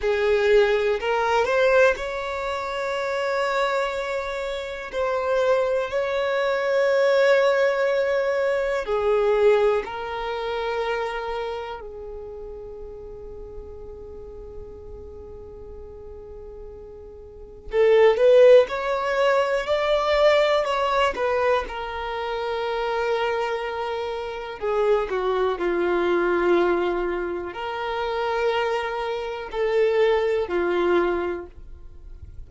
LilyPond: \new Staff \with { instrumentName = "violin" } { \time 4/4 \tempo 4 = 61 gis'4 ais'8 c''8 cis''2~ | cis''4 c''4 cis''2~ | cis''4 gis'4 ais'2 | gis'1~ |
gis'2 a'8 b'8 cis''4 | d''4 cis''8 b'8 ais'2~ | ais'4 gis'8 fis'8 f'2 | ais'2 a'4 f'4 | }